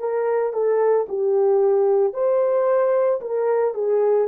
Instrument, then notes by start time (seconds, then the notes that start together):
horn
0.00 A#4
0.54 A4
1.09 G4
2.14 C5
3.22 A#4
3.75 G#4